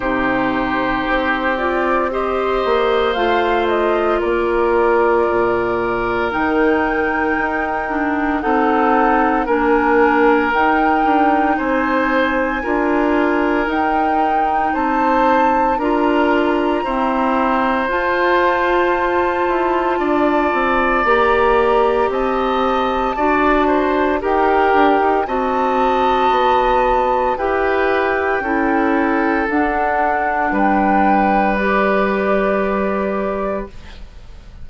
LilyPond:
<<
  \new Staff \with { instrumentName = "flute" } { \time 4/4 \tempo 4 = 57 c''4. d''8 dis''4 f''8 dis''8 | d''2 g''2 | fis''4 gis''4 g''4 gis''4~ | gis''4 g''4 a''4 ais''4~ |
ais''4 a''2. | ais''4 a''2 g''4 | a''2 g''2 | fis''4 g''4 d''2 | }
  \new Staff \with { instrumentName = "oboe" } { \time 4/4 g'2 c''2 | ais'1 | a'4 ais'2 c''4 | ais'2 c''4 ais'4 |
c''2. d''4~ | d''4 dis''4 d''8 c''8 ais'4 | dis''2 b'4 a'4~ | a'4 b'2. | }
  \new Staff \with { instrumentName = "clarinet" } { \time 4/4 dis'4. f'8 g'4 f'4~ | f'2 dis'4. d'8 | dis'4 d'4 dis'2 | f'4 dis'2 f'4 |
c'4 f'2. | g'2 fis'4 g'4 | fis'2 g'4 e'4 | d'2 g'2 | }
  \new Staff \with { instrumentName = "bassoon" } { \time 4/4 c4 c'4. ais8 a4 | ais4 ais,4 dis4 dis'4 | c'4 ais4 dis'8 d'8 c'4 | d'4 dis'4 c'4 d'4 |
e'4 f'4. e'8 d'8 c'8 | ais4 c'4 d'4 dis'8 d'16 dis'16 | c'4 b4 e'4 cis'4 | d'4 g2. | }
>>